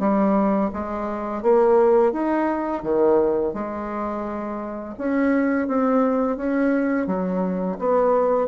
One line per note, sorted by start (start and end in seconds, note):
0.00 0.71 G3
0.74 1.43 G#3
1.43 2.13 A#3
2.13 2.83 D#4
2.83 3.54 D#3
3.54 4.95 G#3
4.99 5.68 C#4
5.68 6.37 C4
6.37 7.07 C#4
7.07 7.78 F#3
7.79 8.48 B3